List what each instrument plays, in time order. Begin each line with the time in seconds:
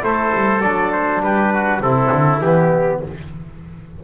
0.00 double bass A3, trombone E4, oboe A4, trumpet C5
0.34 double bass G3
0.61 double bass F#3, trombone D4, trumpet D5
0.92 trumpet C5
1.20 double bass G3, oboe G4, trumpet B4
1.52 oboe F#4
1.79 double bass C3, trombone C4, oboe E4, trumpet A4
2.12 double bass D3
2.41 double bass E3, trombone B3, trumpet G4